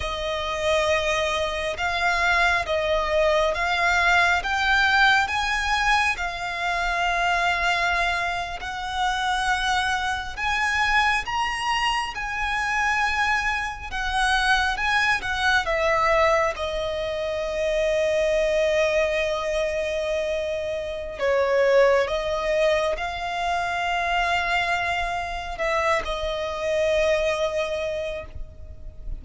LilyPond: \new Staff \with { instrumentName = "violin" } { \time 4/4 \tempo 4 = 68 dis''2 f''4 dis''4 | f''4 g''4 gis''4 f''4~ | f''4.~ f''16 fis''2 gis''16~ | gis''8. ais''4 gis''2 fis''16~ |
fis''8. gis''8 fis''8 e''4 dis''4~ dis''16~ | dis''1 | cis''4 dis''4 f''2~ | f''4 e''8 dis''2~ dis''8 | }